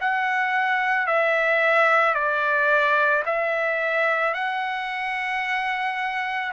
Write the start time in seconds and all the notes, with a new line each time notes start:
0.00 F#5
1.07 E5
2.14 D5
3.25 E5
4.34 F#5